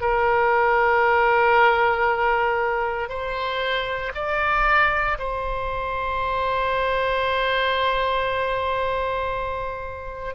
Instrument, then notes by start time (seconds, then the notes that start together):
oboe
0.00 A#4
3.08 C5
4.14 D5
5.18 C5